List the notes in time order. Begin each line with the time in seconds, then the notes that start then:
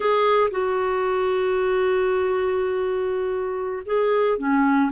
0.00 G#4
0.50 F#4
3.85 G#4
4.38 C#4